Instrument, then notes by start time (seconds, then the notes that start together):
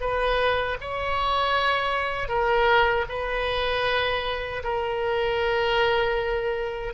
oboe
0.00 B4
0.80 C#5
2.28 A#4
3.09 B4
4.63 A#4